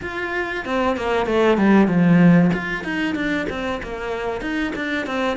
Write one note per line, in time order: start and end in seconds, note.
0.01 0.65 F4
0.65 0.96 C4
0.96 1.26 A#3
1.26 1.57 A3
1.57 1.87 G3
1.87 2.50 F3
2.53 2.84 F4
2.84 3.15 D#4
3.15 3.47 D4
3.49 3.81 C4
3.82 4.41 A#3
4.41 4.73 D#4
4.75 5.06 D4
5.06 5.37 C4